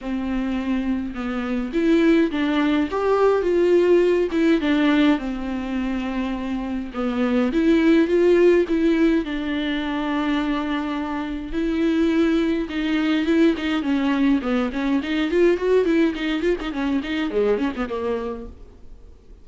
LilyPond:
\new Staff \with { instrumentName = "viola" } { \time 4/4 \tempo 4 = 104 c'2 b4 e'4 | d'4 g'4 f'4. e'8 | d'4 c'2. | b4 e'4 f'4 e'4 |
d'1 | e'2 dis'4 e'8 dis'8 | cis'4 b8 cis'8 dis'8 f'8 fis'8 e'8 | dis'8 f'16 dis'16 cis'8 dis'8 gis8 cis'16 b16 ais4 | }